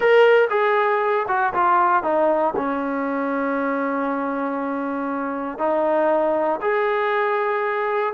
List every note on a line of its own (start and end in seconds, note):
0.00 0.48 A#4
0.50 1.26 G#4
1.28 1.53 F#4
1.53 2.03 F4
2.03 2.54 D#4
2.56 5.58 C#4
5.58 6.60 D#4
6.61 8.13 G#4